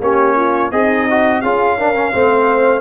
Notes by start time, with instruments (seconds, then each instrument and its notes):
0.00 tuba A#3, trombone C#4, horn G4, trumpet C#5
0.36 horn F4
0.71 tuba C4, horn D#4, trombone G#4, trumpet D#5
1.10 trombone F#4
1.41 tuba C#4, trombone F4, horn G#4, trumpet F5
1.78 trombone D4, horn A#4
1.94 trombone C#4
2.12 tuba A3, trombone C4, horn C5